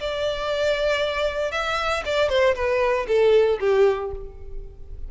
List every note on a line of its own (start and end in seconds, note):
0.00 1.52 D5
1.52 2.03 E5
2.05 2.29 D5
2.29 2.55 C5
2.55 3.06 B4
3.07 3.59 A4
3.60 4.11 G4